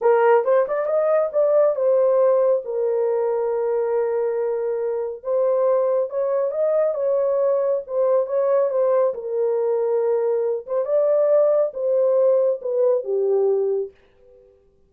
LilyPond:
\new Staff \with { instrumentName = "horn" } { \time 4/4 \tempo 4 = 138 ais'4 c''8 d''8 dis''4 d''4 | c''2 ais'2~ | ais'1 | c''2 cis''4 dis''4 |
cis''2 c''4 cis''4 | c''4 ais'2.~ | ais'8 c''8 d''2 c''4~ | c''4 b'4 g'2 | }